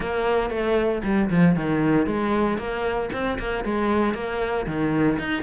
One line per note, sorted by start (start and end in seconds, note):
0.00 0.50 A#3
0.50 1.02 A3
1.03 1.29 G3
1.30 1.55 F3
1.55 2.06 D#3
2.06 2.57 G#3
2.57 3.09 A#3
3.12 3.38 C4
3.39 3.64 A#3
3.64 4.14 G#3
4.14 4.66 A#3
4.66 5.18 D#3
5.18 5.42 D#4